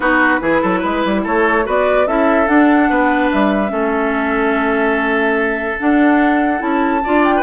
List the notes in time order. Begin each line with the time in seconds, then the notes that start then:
0.00 B3 D#4 F#4 B4
0.40 E3 E4 G#4
0.61 F#3 A4
0.79 G#3 B4
1.05 G3
1.23 A3 A4 C#5
1.64 B3 F#4 B4 D5
2.06 C#4 E4 A4 E5
2.46 D4 F#5
2.89 B3 B4
3.31 G3 E5
3.68 A3 C#4 A4
5.79 D4 F#5
6.58 C#4 E4 A5
7.04 D4 F4 D5
7.24 G5
7.36 B4